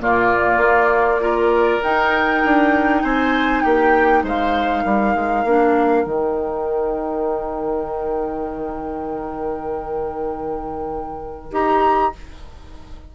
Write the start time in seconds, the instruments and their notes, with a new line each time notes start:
0.00 bassoon A#2, clarinet A#3, oboe F4, flute D5
0.57 bassoon A#3
1.21 clarinet F4, oboe A#4
1.83 bassoon D#4, clarinet D#4, flute G5
2.45 bassoon D4
3.04 bassoon C4, oboe C5, flute G#5
3.63 bassoon A#3, oboe G4, flute G5
4.23 bassoon G#3, oboe C5, flute F5
4.84 bassoon G3, oboe A#4
5.15 bassoon G#3
5.45 bassoon A#3, clarinet D4
6.05 bassoon D#3, clarinet D#4, flute G5
11.52 bassoon D#4, clarinet G4, flute A#5